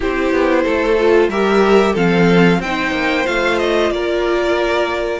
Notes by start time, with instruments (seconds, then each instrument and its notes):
0.00 cello C4, viola E4, violin G4 C5
0.31 cello B3
0.63 cello A3, violin A4
0.98 viola F4
1.28 cello G3, viola G4, violin A#4 E5
1.93 cello F3, viola C4, violin A4 F5
2.59 cello C4, viola D#4, violin C5 G5
2.91 cello A#3
3.25 cello A3, viola F4, violin F5
3.58 violin D#5
3.90 cello A#3, violin A#4 D5